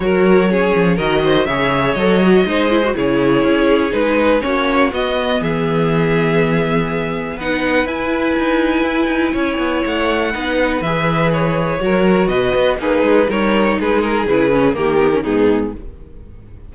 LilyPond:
<<
  \new Staff \with { instrumentName = "violin" } { \time 4/4 \tempo 4 = 122 cis''2 dis''4 e''4 | dis''2 cis''2 | b'4 cis''4 dis''4 e''4~ | e''2. fis''4 |
gis''1 | fis''2 e''4 cis''4~ | cis''4 dis''4 b'4 cis''4 | b'8 ais'8 b'4 ais'4 gis'4 | }
  \new Staff \with { instrumentName = "violin" } { \time 4/4 ais'4 gis'4 ais'8 c''8 cis''4~ | cis''4 c''4 gis'2~ | gis'4 fis'2 gis'4~ | gis'2. b'4~ |
b'2. cis''4~ | cis''4 b'2. | ais'4 b'4 dis'4 ais'4 | gis'2 g'4 dis'4 | }
  \new Staff \with { instrumentName = "viola" } { \time 4/4 fis'4 cis'4 fis'4 gis'4 | a'8 fis'8 dis'8 e'16 fis'16 e'2 | dis'4 cis'4 b2~ | b2. dis'4 |
e'1~ | e'4 dis'4 gis'2 | fis'2 gis'4 dis'4~ | dis'4 e'8 cis'8 ais8 b16 cis'16 b4 | }
  \new Staff \with { instrumentName = "cello" } { \time 4/4 fis4. f8 dis4 cis4 | fis4 gis4 cis4 cis'4 | gis4 ais4 b4 e4~ | e2. b4 |
e'4 dis'4 e'8 dis'8 cis'8 b8 | a4 b4 e2 | fis4 b,8 b8 ais8 gis8 g4 | gis4 cis4 dis4 gis,4 | }
>>